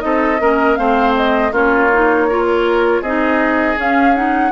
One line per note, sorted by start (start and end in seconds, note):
0.00 0.40 C4
0.00 0.38 D#4
0.00 0.41 A4
0.00 0.75 D#5
0.40 0.78 A#3
0.40 0.77 C#4
0.40 0.78 A#4
0.75 1.52 A3
0.75 1.52 C4
0.75 1.52 C5
0.75 1.13 F5
1.16 1.54 D#5
1.52 3.02 A#3
1.52 1.90 C#4
1.52 2.27 F4
1.52 3.03 C#5
1.93 2.30 D#4
2.30 3.05 F4
2.30 3.02 A#4
3.02 3.77 C4
3.02 3.77 D#4
3.02 4.52 G#4
3.02 3.78 D#5
3.77 4.14 C#4
3.77 4.52 C#4
3.77 4.16 F5
4.16 4.52 D#4
4.16 4.52 F#5